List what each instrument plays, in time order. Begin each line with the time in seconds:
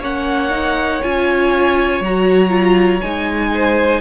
0.00 cello A#3, viola C#4, violin C#5 F#5
0.51 viola D#4
1.03 cello C#4, viola F4, violin G#5
2.01 cello F#3, viola F#4, violin A#5
2.50 viola F4
3.02 cello G#3, viola D#4, violin G#5
3.54 violin C5